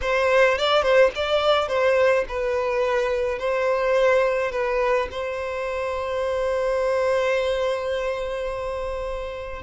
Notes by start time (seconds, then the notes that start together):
0.01 C5
0.58 D5
0.82 C5
1.15 D5
1.68 C5
2.28 B4
3.38 C5
4.51 B4
5.11 C5